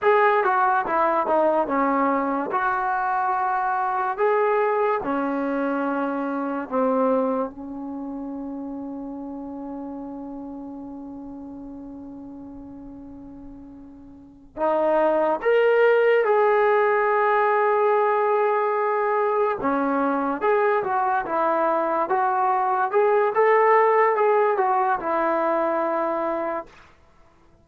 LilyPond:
\new Staff \with { instrumentName = "trombone" } { \time 4/4 \tempo 4 = 72 gis'8 fis'8 e'8 dis'8 cis'4 fis'4~ | fis'4 gis'4 cis'2 | c'4 cis'2.~ | cis'1~ |
cis'4. dis'4 ais'4 gis'8~ | gis'2.~ gis'8 cis'8~ | cis'8 gis'8 fis'8 e'4 fis'4 gis'8 | a'4 gis'8 fis'8 e'2 | }